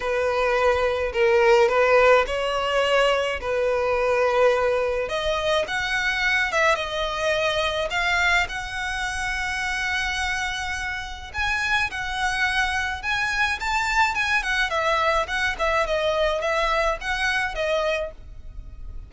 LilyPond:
\new Staff \with { instrumentName = "violin" } { \time 4/4 \tempo 4 = 106 b'2 ais'4 b'4 | cis''2 b'2~ | b'4 dis''4 fis''4. e''8 | dis''2 f''4 fis''4~ |
fis''1 | gis''4 fis''2 gis''4 | a''4 gis''8 fis''8 e''4 fis''8 e''8 | dis''4 e''4 fis''4 dis''4 | }